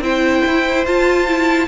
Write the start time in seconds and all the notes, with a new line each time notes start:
0.00 C4 E4 C5 G5
0.46 E4
0.86 F4 A5
1.28 E4